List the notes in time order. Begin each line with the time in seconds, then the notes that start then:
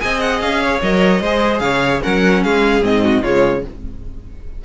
0.00 C4 G#4 D#5 G#5
0.20 F#5
0.40 C#4 F5
0.62 C#5
0.81 F#3 A#4 D#5
1.20 G#3 G#4 C5
1.59 C#3 C#5 F5
2.01 F#3 C#4 A#4 F#5
2.43 G#3 G#4 F5
2.81 G#2 C4 D#5
3.03 F#4
3.22 C#3 G#3 F4 C#5